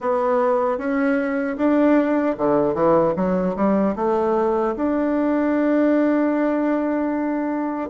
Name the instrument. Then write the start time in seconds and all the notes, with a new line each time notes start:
bassoon
0.00 B3
0.78 C#4
1.57 D4
2.37 D3
2.74 E3
3.16 F#3
3.55 G3
3.95 A3
4.76 D4